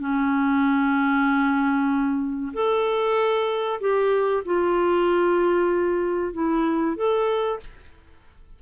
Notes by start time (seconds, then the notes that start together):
0.00 C#4
2.54 A4
3.81 G4
4.46 F4
6.34 E4
6.97 A4